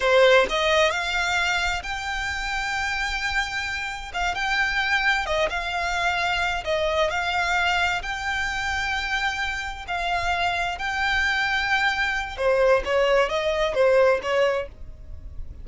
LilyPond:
\new Staff \with { instrumentName = "violin" } { \time 4/4 \tempo 4 = 131 c''4 dis''4 f''2 | g''1~ | g''4 f''8 g''2 dis''8 | f''2~ f''8 dis''4 f''8~ |
f''4. g''2~ g''8~ | g''4. f''2 g''8~ | g''2. c''4 | cis''4 dis''4 c''4 cis''4 | }